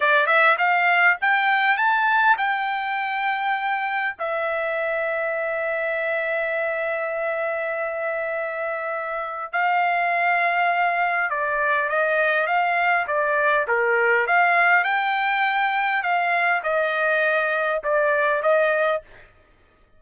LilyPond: \new Staff \with { instrumentName = "trumpet" } { \time 4/4 \tempo 4 = 101 d''8 e''8 f''4 g''4 a''4 | g''2. e''4~ | e''1~ | e''1 |
f''2. d''4 | dis''4 f''4 d''4 ais'4 | f''4 g''2 f''4 | dis''2 d''4 dis''4 | }